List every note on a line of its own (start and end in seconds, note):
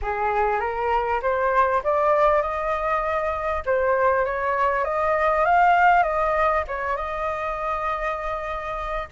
0.02 0.60 G#4
0.60 1.20 A#4
1.21 1.82 C5
1.83 2.41 D5
2.41 3.63 D#5
3.65 4.25 C5
4.25 4.84 C#5
4.84 5.45 D#5
5.45 6.03 F5
6.03 6.63 D#5
6.67 6.96 C#5
6.96 9.08 D#5